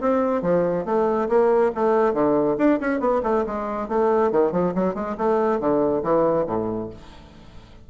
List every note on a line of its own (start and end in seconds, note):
0.00 0.42 C4
0.42 0.85 F3
0.85 1.28 A3
1.28 1.71 A#3
1.74 2.13 A3
2.13 2.56 D3
2.58 2.79 D4
2.80 3.00 C#4
3.00 3.21 B3
3.23 3.44 A3
3.46 3.88 G#3
3.88 4.31 A3
4.31 4.52 D#3
4.52 4.73 F3
4.75 4.94 F#3
4.94 5.16 G#3
5.17 5.59 A3
5.59 6.03 D3
6.03 6.46 E3
6.46 6.90 A2